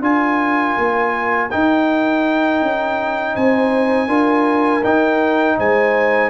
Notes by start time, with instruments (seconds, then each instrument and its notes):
0.00 tuba D4, trombone F4, horn A#4, trumpet G#5
0.77 tuba A#3
1.50 trombone D#4, tuba D#4, trumpet G5
2.61 tuba C#4
3.33 tuba C4, horn C5, trumpet G#5
4.07 tuba D4, trombone F4, horn A#4
4.83 trombone D#4, tuba D#4, trumpet G5
5.57 tuba G#3, horn C5, trumpet G#5